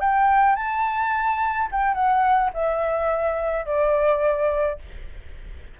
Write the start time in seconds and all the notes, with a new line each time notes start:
0.00 G5
0.55 A5
1.71 G5
1.94 F#5
2.53 E5
3.66 D5